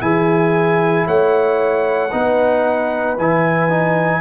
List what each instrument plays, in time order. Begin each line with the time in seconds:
0.00 tuba E3, trombone E4, horn G#4, trumpet G#5
1.07 tuba A3, horn C#5, trumpet F#5
2.12 tuba B3, trombone D#4, horn B4
3.18 tuba E3, trombone E4, trumpet G#5
3.70 trombone D#4